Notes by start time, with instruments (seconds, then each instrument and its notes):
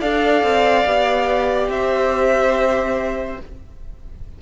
0.00 cello D4, viola A4, violin D5 F5
0.43 cello C4
0.86 cello B3, viola G4
1.68 cello C4, violin C5 E5